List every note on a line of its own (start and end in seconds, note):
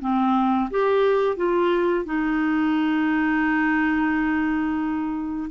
0.00 0.69 C4
0.70 1.36 G4
1.36 2.05 F4
2.05 5.50 D#4